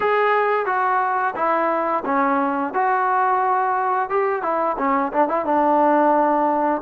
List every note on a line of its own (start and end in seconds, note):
0.00 0.66 G#4
0.66 1.34 F#4
1.35 2.03 E4
2.05 2.73 C#4
2.73 4.09 F#4
4.09 4.42 G4
4.42 4.76 E4
4.78 5.12 C#4
5.12 5.28 D4
5.28 5.45 E4
5.45 6.81 D4